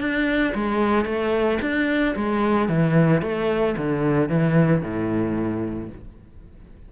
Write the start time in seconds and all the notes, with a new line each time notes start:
0.00 D4
0.55 G#3
1.05 A3
1.61 D4
2.16 G#3
2.69 E3
3.22 A3
3.77 D3
4.29 E3
4.82 A2